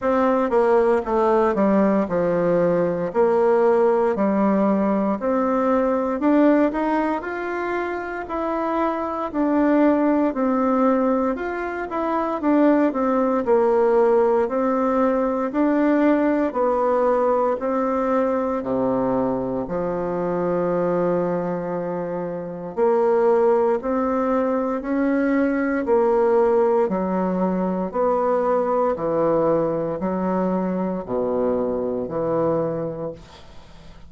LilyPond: \new Staff \with { instrumentName = "bassoon" } { \time 4/4 \tempo 4 = 58 c'8 ais8 a8 g8 f4 ais4 | g4 c'4 d'8 dis'8 f'4 | e'4 d'4 c'4 f'8 e'8 | d'8 c'8 ais4 c'4 d'4 |
b4 c'4 c4 f4~ | f2 ais4 c'4 | cis'4 ais4 fis4 b4 | e4 fis4 b,4 e4 | }